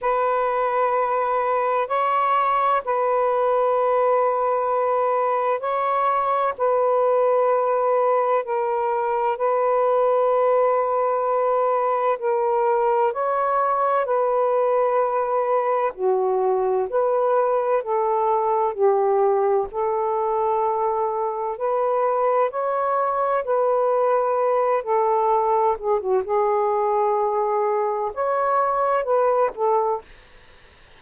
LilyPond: \new Staff \with { instrumentName = "saxophone" } { \time 4/4 \tempo 4 = 64 b'2 cis''4 b'4~ | b'2 cis''4 b'4~ | b'4 ais'4 b'2~ | b'4 ais'4 cis''4 b'4~ |
b'4 fis'4 b'4 a'4 | g'4 a'2 b'4 | cis''4 b'4. a'4 gis'16 fis'16 | gis'2 cis''4 b'8 a'8 | }